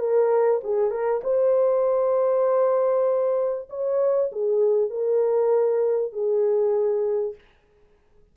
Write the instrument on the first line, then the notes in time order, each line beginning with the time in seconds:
horn
0.00 A#4
0.64 G#4
0.91 A#4
1.24 C5
3.70 C#5
4.32 G#4
4.91 A#4
6.13 G#4